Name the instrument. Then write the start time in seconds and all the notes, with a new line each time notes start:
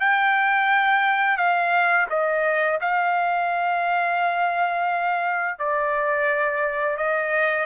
trumpet
0.00 G5
1.37 F5
2.10 D#5
2.81 F5
5.59 D5
6.98 D#5